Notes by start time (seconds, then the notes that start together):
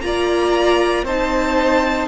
0.00 A#3 F4 D5 A#5
1.02 C4 D#4 C5 A5